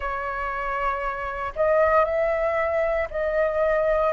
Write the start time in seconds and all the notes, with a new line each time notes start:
0.00 C#5
1.55 D#5
2.04 E5
3.10 D#5